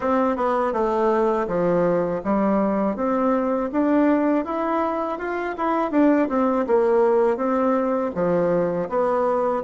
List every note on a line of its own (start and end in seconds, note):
0.00 0.36 C4
0.36 0.72 B3
0.72 1.46 A3
1.47 2.21 F3
2.24 2.96 G3
2.96 3.70 C4
3.72 4.44 D4
4.44 5.18 E4
5.18 5.55 F4
5.57 5.91 E4
5.91 6.28 D4
6.29 6.66 C4
6.66 7.36 A#3
7.36 8.10 C4
8.14 8.89 F3
8.89 9.63 B3